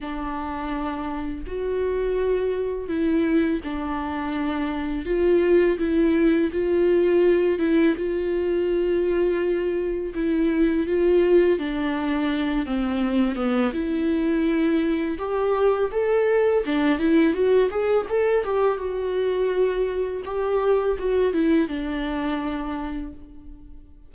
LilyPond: \new Staff \with { instrumentName = "viola" } { \time 4/4 \tempo 4 = 83 d'2 fis'2 | e'4 d'2 f'4 | e'4 f'4. e'8 f'4~ | f'2 e'4 f'4 |
d'4. c'4 b8 e'4~ | e'4 g'4 a'4 d'8 e'8 | fis'8 gis'8 a'8 g'8 fis'2 | g'4 fis'8 e'8 d'2 | }